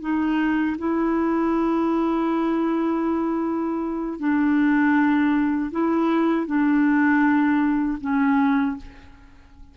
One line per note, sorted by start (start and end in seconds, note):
0.00 0.76 D#4
0.78 4.19 E4
4.19 5.71 D4
5.71 6.46 E4
6.46 7.98 D4
8.01 8.77 C#4